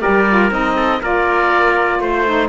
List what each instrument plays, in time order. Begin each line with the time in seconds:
0.00 saxophone G4, trumpet A#4, oboe D5
0.08 cello G3
0.28 saxophone F4
0.50 cello C4, saxophone D#4, oboe D#5
0.76 trumpet A4
1.02 cello A#3, saxophone F4, trumpet A#4, oboe D5
1.99 cello A3, trumpet C5, oboe C5
2.26 saxophone D#4